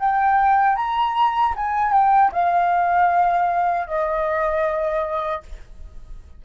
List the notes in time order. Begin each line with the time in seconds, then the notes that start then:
0.00 G5
0.77 A#5
1.57 G#5
1.93 G5
2.33 F5
3.87 D#5